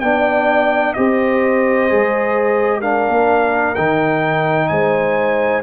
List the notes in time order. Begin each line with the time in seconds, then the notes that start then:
0.00 B3 D4 D5 G5
0.93 C4 G4 C5 D#5
1.89 G#3 G#4
2.80 D4 A#4 F5
3.08 A#3
3.75 D#3 D#4 G5
4.68 G#3 C5 G#5